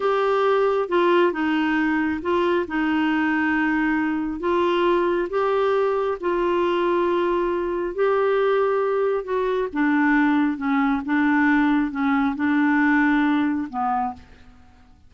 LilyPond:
\new Staff \with { instrumentName = "clarinet" } { \time 4/4 \tempo 4 = 136 g'2 f'4 dis'4~ | dis'4 f'4 dis'2~ | dis'2 f'2 | g'2 f'2~ |
f'2 g'2~ | g'4 fis'4 d'2 | cis'4 d'2 cis'4 | d'2. b4 | }